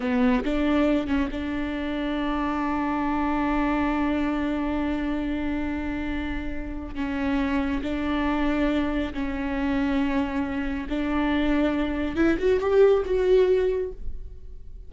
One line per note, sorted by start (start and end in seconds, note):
0.00 0.43 B3
0.44 1.07 D4
1.07 1.29 C#4
1.31 6.95 D4
6.95 7.82 C#4
7.82 9.13 D4
9.13 10.87 C#4
10.89 12.16 D4
12.16 12.37 E4
12.38 12.59 F#4
12.59 13.03 G4
13.05 13.92 F#4